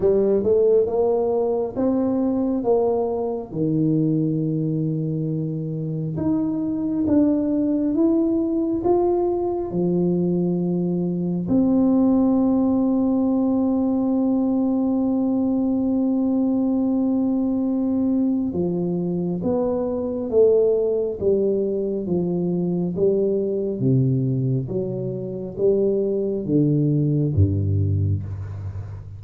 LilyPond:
\new Staff \with { instrumentName = "tuba" } { \time 4/4 \tempo 4 = 68 g8 a8 ais4 c'4 ais4 | dis2. dis'4 | d'4 e'4 f'4 f4~ | f4 c'2.~ |
c'1~ | c'4 f4 b4 a4 | g4 f4 g4 c4 | fis4 g4 d4 g,4 | }